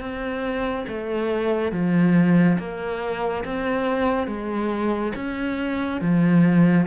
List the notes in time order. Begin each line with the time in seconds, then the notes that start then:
0.00 C4
0.88 A3
1.72 F3
2.58 A#3
3.44 C4
4.27 G#3
5.15 C#4
6.01 F3